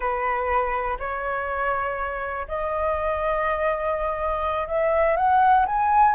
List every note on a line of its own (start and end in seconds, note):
0.00 0.97 B4
0.99 2.46 C#5
2.48 4.67 D#5
4.67 5.16 E5
5.16 5.65 F#5
5.66 6.15 G#5